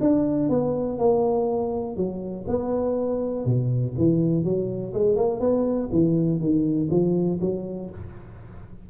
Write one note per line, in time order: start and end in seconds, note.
0.00 0.49 D4
0.49 0.98 B3
0.98 1.96 A#3
1.96 2.45 F#3
2.47 3.45 B3
3.45 3.94 B2
3.97 4.44 E3
4.44 4.93 F#3
4.93 5.16 G#3
5.16 5.40 A#3
5.40 5.89 B3
5.92 6.39 E3
6.39 6.89 D#3
6.90 7.39 F3
7.40 7.90 F#3